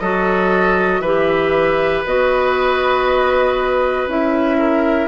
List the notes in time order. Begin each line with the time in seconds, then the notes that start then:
0.00 F#3 F#4 A4 D#5
1.00 E3 G4 B4 E5
2.06 B3 F#4 D#5
4.07 C#4 E4 E5
4.58 A#4